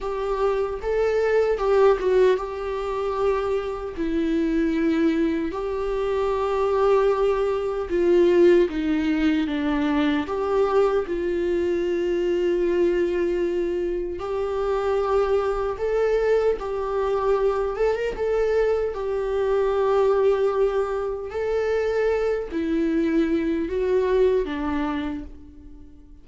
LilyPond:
\new Staff \with { instrumentName = "viola" } { \time 4/4 \tempo 4 = 76 g'4 a'4 g'8 fis'8 g'4~ | g'4 e'2 g'4~ | g'2 f'4 dis'4 | d'4 g'4 f'2~ |
f'2 g'2 | a'4 g'4. a'16 ais'16 a'4 | g'2. a'4~ | a'8 e'4. fis'4 d'4 | }